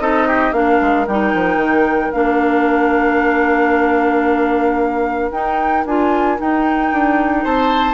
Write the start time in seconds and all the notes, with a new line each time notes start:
0.00 C4 D#4 A4 D#5
0.28 G4
0.53 A#3 D4 A#4 F5
0.82 G#3
1.08 G3 D#4 G5
1.35 F3
1.57 D#3
2.12 A#3 D4 F5
5.32 D#4 G5
5.86 D4 F4 G#5
6.38 D#4 G5
6.92 D4
7.44 C4 C5 A5